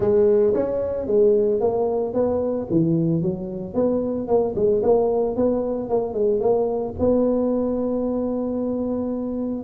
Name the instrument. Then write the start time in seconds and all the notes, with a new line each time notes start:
tuba
0.00 G#3
0.54 C#4
1.06 G#3
1.60 A#3
2.13 B3
2.70 E3
3.21 F#3
3.74 B3
4.27 A#3
4.55 G#3
4.82 A#3
5.35 B3
5.89 A#3
6.13 G#3
6.40 A#3
6.99 B3